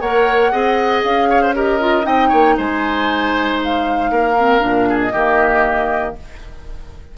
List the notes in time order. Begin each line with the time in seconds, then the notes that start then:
0.00 A#3 A#4 C#5 F#5
0.51 C4 G#4 D#5
1.03 C#4 F5
1.29 C#5
1.42 C5
1.54 G4 A#4 D#5
1.80 F4
2.02 C4 D#4 D#5 G5
2.28 A#3 C#5
2.57 G#3 C5 G#5
3.63 F5
4.10 A#3 A#4
4.38 C4
4.59 A#2 D4
4.89 G#4
4.99 D#5
5.12 D#3 A#3 G4